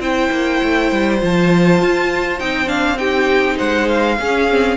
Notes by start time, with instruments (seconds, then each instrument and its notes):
0.00 cello C4, viola E4, violin C5 G5
0.32 cello A#3
0.63 cello A3
0.92 cello G3
1.20 cello F3, viola F4, violin A5
1.82 cello F4
2.39 cello C4, viola D#4, violin G5
2.67 viola D4, violin F5
2.98 viola D#4, violin G4 G5
3.57 cello G#3, violin C5 F#5
3.89 violin F5
4.19 cello C#4, viola C#4, violin G#4
4.50 viola C4